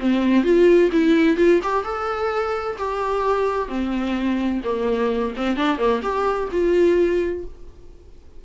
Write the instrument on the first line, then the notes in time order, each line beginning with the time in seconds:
viola
0.00 C4
0.44 F4
0.92 E4
1.37 F4
1.63 G4
1.84 A4
2.78 G4
3.69 C4
4.64 A#3
5.37 C4
5.57 D4
5.78 A#3
6.03 G4
6.52 F4